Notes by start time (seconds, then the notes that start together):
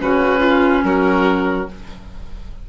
0.00 C#3 C#4 F#4 B4
0.41 F4
0.84 F#3 F#4 A#4